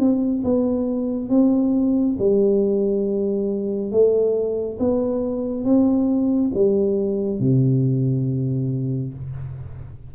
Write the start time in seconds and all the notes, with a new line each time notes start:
0.00 C4
0.44 B3
1.30 C4
2.19 G3
3.92 A3
4.79 B3
5.65 C4
6.55 G3
7.40 C3